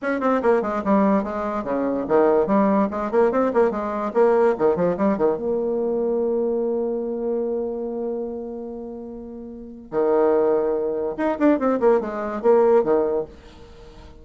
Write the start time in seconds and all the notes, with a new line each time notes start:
0.02 C#4
0.20 C4
0.42 A#3
0.62 G#3
0.84 G3
1.23 G#3
1.64 C#3
2.08 D#3
2.47 G3
2.90 G#3
3.11 A#3
3.31 C4
3.53 A#3
3.70 G#3
4.13 A#3
4.58 D#3
4.75 F3
4.97 G3
5.17 D#3
5.36 A#3
9.91 D#3
11.17 D#4
11.38 D4
11.59 C4
11.79 A#3
12.00 G#3
12.42 A#3
12.83 D#3